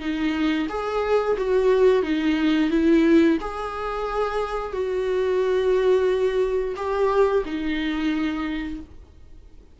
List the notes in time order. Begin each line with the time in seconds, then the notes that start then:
0.00 D#4
0.69 G#4
1.37 F#4
2.03 D#4
2.70 E4
3.40 G#4
4.73 F#4
6.76 G4
7.45 D#4